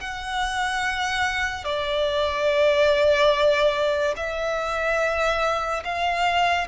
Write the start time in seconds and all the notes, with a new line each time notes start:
0.00 F#5
1.64 D5
4.16 E5
5.84 F5